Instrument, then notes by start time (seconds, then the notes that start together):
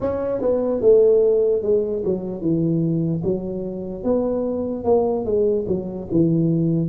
tuba
0.00 C#4
0.41 B3
0.81 A3
1.62 G#3
2.05 F#3
2.41 E3
3.23 F#3
4.03 B3
4.84 A#3
5.25 G#3
5.67 F#3
6.11 E3